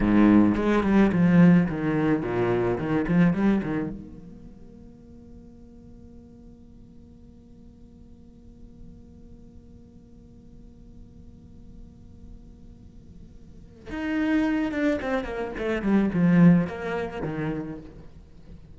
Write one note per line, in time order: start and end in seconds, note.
0.00 0.55 G#2
0.55 0.83 G#3
0.83 1.11 G3
1.12 1.68 F3
1.68 2.22 D#3
2.22 2.78 A#2
2.78 3.05 D#3
3.08 3.33 F3
3.33 3.61 G3
3.63 3.89 D#3
3.89 13.89 A#3
13.90 14.71 D#4
14.71 14.99 D4
15.01 15.24 C4
15.24 15.52 A#3
15.58 15.82 A3
15.82 16.09 G3
16.13 16.67 F3
16.67 17.21 A#3
17.21 17.77 D#3